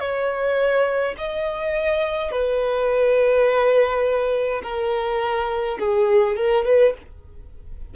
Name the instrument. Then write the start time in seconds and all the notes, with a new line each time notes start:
violin
0.00 C#5
1.18 D#5
2.31 B4
4.63 A#4
5.79 G#4
6.36 A#4
6.65 B4